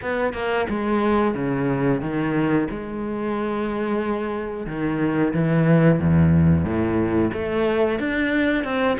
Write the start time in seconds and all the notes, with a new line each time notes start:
0.01 B3
0.33 A#3
0.69 G#3
1.34 C#3
2.01 D#3
2.70 G#3
4.66 D#3
5.33 E3
5.99 E2
6.64 A2
7.33 A3
7.98 D4
8.63 C4